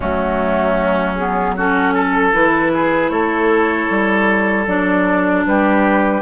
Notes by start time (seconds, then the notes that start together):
0.00 F#3 A3 C#4 F#4
1.15 B3 G#4
1.56 C#4 F#4 A4
1.94 A4
2.32 E3 E4 B4
2.73 G#4
3.09 A3 A4 C#5
3.89 G3
4.67 F#3 D4 D5
5.45 G3 G4 B4